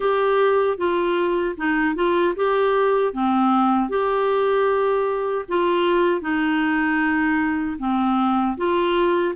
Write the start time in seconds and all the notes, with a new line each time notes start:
0.00 G4
0.77 F4
1.57 D#4
1.95 F4
2.36 G4
3.13 C4
3.89 G4
5.48 F4
6.21 D#4
7.79 C4
8.57 F4